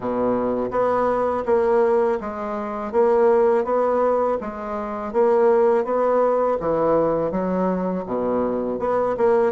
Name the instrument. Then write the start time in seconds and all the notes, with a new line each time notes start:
bassoon
0.00 B2
0.71 B3
1.45 A#3
2.20 G#3
2.92 A#3
3.64 B3
4.40 G#3
5.13 A#3
5.84 B3
6.60 E3
7.31 F#3
8.06 B2
8.79 B3
9.17 A#3